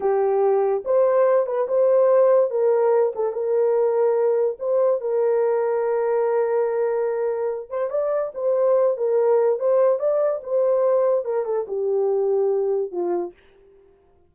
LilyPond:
\new Staff \with { instrumentName = "horn" } { \time 4/4 \tempo 4 = 144 g'2 c''4. b'8 | c''2 ais'4. a'8 | ais'2. c''4 | ais'1~ |
ais'2~ ais'8 c''8 d''4 | c''4. ais'4. c''4 | d''4 c''2 ais'8 a'8 | g'2. f'4 | }